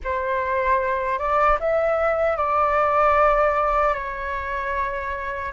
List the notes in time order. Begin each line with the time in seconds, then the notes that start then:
0.04 C5
1.18 D5
1.60 E5
2.36 D5
3.94 C#5